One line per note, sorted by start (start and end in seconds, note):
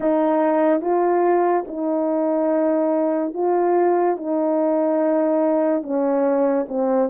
0.00 0.81 D#4
0.81 1.64 F4
1.67 3.33 D#4
3.33 4.17 F4
4.17 5.82 D#4
5.82 6.66 C#4
6.68 7.09 C4